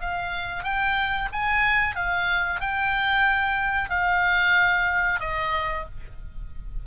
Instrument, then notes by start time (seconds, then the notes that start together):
oboe
0.00 F5
0.63 G5
1.32 G#5
1.96 F5
2.60 G5
3.90 F5
5.20 D#5